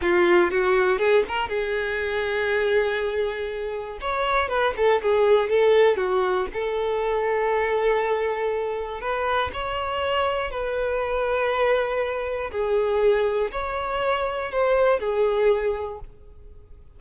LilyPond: \new Staff \with { instrumentName = "violin" } { \time 4/4 \tempo 4 = 120 f'4 fis'4 gis'8 ais'8 gis'4~ | gis'1 | cis''4 b'8 a'8 gis'4 a'4 | fis'4 a'2.~ |
a'2 b'4 cis''4~ | cis''4 b'2.~ | b'4 gis'2 cis''4~ | cis''4 c''4 gis'2 | }